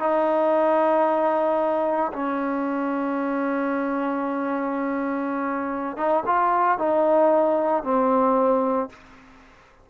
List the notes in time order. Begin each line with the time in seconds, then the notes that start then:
0.00 D#4
2.13 C#4
5.97 D#4
6.27 F4
6.79 D#4
7.84 C4